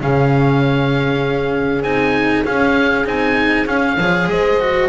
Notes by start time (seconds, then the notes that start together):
0.00 C#3 C#4 G#4 F5
1.82 C4 D#4 G#5
2.44 C#4 F5
3.05 C4 D#4 G#5
3.65 C#4 F5
3.97 F3 G#4 C#5
4.27 G#3 C5 D#5
4.60 F#4